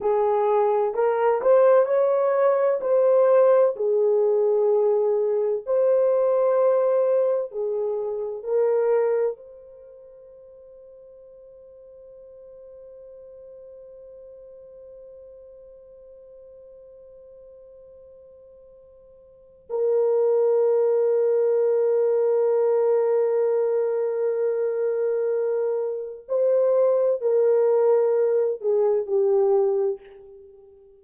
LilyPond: \new Staff \with { instrumentName = "horn" } { \time 4/4 \tempo 4 = 64 gis'4 ais'8 c''8 cis''4 c''4 | gis'2 c''2 | gis'4 ais'4 c''2~ | c''1~ |
c''1~ | c''4 ais'2.~ | ais'1 | c''4 ais'4. gis'8 g'4 | }